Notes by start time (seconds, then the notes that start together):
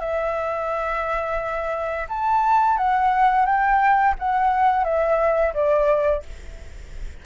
0.00 E5
2.09 A5
2.78 F#5
3.46 G5
4.19 F#5
4.84 E5
5.54 D5